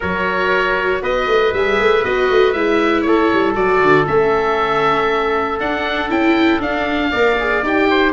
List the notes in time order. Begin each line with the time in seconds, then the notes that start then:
0.00 F#3 F#4 A#4 C#5
1.02 B3 B4 D#5
1.27 A3
1.53 G3 G#4 E5
1.78 A3
2.03 B3 F#4 D#5
2.30 A3
2.52 G#3 E4 E5
3.01 A3 A4 C#5
3.32 G3
3.55 F#3 F#4 D5
3.81 D3
4.06 A3 C#4 E5
5.59 D4 F#5
6.09 C#4 E4 G5
6.60 D4 F5
7.10 A#3 A#4 D5
7.39 G#4
7.62 D#4 G4 G5
7.90 C5